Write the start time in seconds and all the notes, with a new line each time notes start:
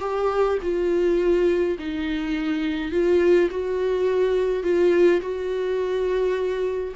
0.00 G4
0.62 F4
1.79 D#4
2.91 F4
3.50 F#4
4.63 F4
5.21 F#4